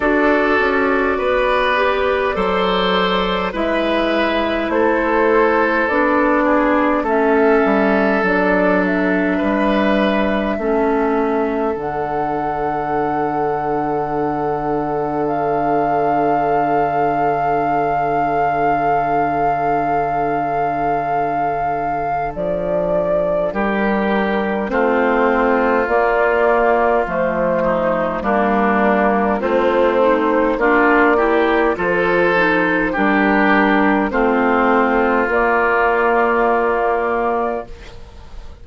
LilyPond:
<<
  \new Staff \with { instrumentName = "flute" } { \time 4/4 \tempo 4 = 51 d''2. e''4 | c''4 d''4 e''4 d''8 e''8~ | e''2 fis''2~ | fis''4 f''2.~ |
f''2. d''4 | ais'4 c''4 d''4 c''4 | ais'4 c''4 d''4 c''4 | ais'4 c''4 d''2 | }
  \new Staff \with { instrumentName = "oboe" } { \time 4/4 a'4 b'4 c''4 b'4 | a'4. gis'8 a'2 | b'4 a'2.~ | a'1~ |
a'1 | g'4 f'2~ f'8 dis'8 | d'4 c'4 f'8 g'8 a'4 | g'4 f'2. | }
  \new Staff \with { instrumentName = "clarinet" } { \time 4/4 fis'4. g'8 a'4 e'4~ | e'4 d'4 cis'4 d'4~ | d'4 cis'4 d'2~ | d'1~ |
d'1~ | d'4 c'4 ais4 a4 | ais4 f'8 dis'8 d'8 e'8 f'8 dis'8 | d'4 c'4 ais2 | }
  \new Staff \with { instrumentName = "bassoon" } { \time 4/4 d'8 cis'8 b4 fis4 gis4 | a4 b4 a8 g8 fis4 | g4 a4 d2~ | d1~ |
d2. f4 | g4 a4 ais4 f4 | g4 a4 ais4 f4 | g4 a4 ais2 | }
>>